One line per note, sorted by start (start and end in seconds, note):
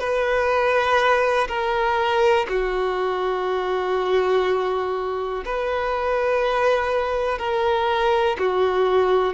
0.00 1.48 B4
1.48 2.46 A#4
2.49 5.44 F#4
5.45 7.38 B4
7.38 8.37 A#4
8.39 9.34 F#4